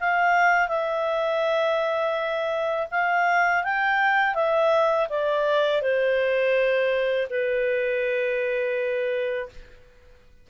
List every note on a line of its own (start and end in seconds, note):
0.00 0.68 F5
0.68 2.87 E5
2.91 3.64 F5
3.64 4.34 G5
4.34 5.08 E5
5.09 5.81 D5
5.81 7.28 C5
7.30 9.49 B4